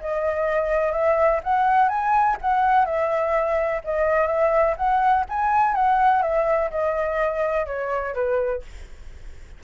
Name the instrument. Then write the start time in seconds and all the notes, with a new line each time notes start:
flute
0.00 D#5
0.92 E5
1.43 F#5
1.88 G#5
2.41 F#5
2.85 E5
3.84 D#5
4.27 E5
4.77 F#5
5.29 G#5
5.74 F#5
6.22 E5
6.70 D#5
7.66 C#5
8.14 B4